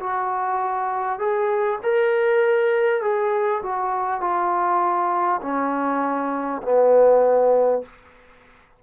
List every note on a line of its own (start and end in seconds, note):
0.00 1.19 F#4
1.19 1.79 G#4
1.83 3.02 A#4
3.02 3.62 G#4
3.63 4.21 F#4
4.21 5.41 F4
5.42 6.62 C#4
6.62 7.82 B3